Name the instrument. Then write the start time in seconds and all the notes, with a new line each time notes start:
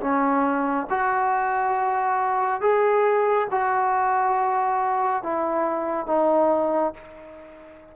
trombone
0.00 C#4
0.89 F#4
2.61 G#4
3.51 F#4
5.23 E4
6.06 D#4